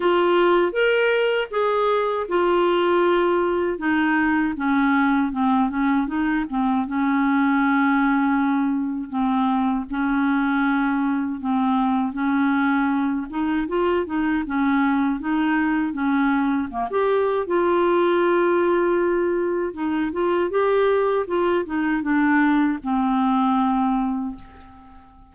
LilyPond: \new Staff \with { instrumentName = "clarinet" } { \time 4/4 \tempo 4 = 79 f'4 ais'4 gis'4 f'4~ | f'4 dis'4 cis'4 c'8 cis'8 | dis'8 c'8 cis'2. | c'4 cis'2 c'4 |
cis'4. dis'8 f'8 dis'8 cis'4 | dis'4 cis'4 ais16 g'8. f'4~ | f'2 dis'8 f'8 g'4 | f'8 dis'8 d'4 c'2 | }